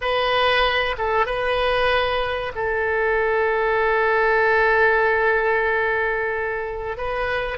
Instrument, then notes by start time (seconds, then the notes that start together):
oboe
0.01 B4
0.98 A4
1.26 B4
2.55 A4
6.97 B4